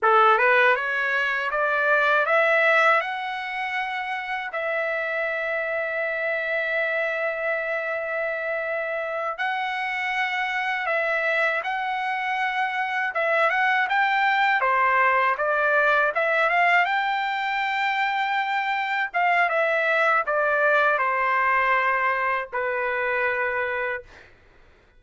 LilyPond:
\new Staff \with { instrumentName = "trumpet" } { \time 4/4 \tempo 4 = 80 a'8 b'8 cis''4 d''4 e''4 | fis''2 e''2~ | e''1~ | e''8 fis''2 e''4 fis''8~ |
fis''4. e''8 fis''8 g''4 c''8~ | c''8 d''4 e''8 f''8 g''4.~ | g''4. f''8 e''4 d''4 | c''2 b'2 | }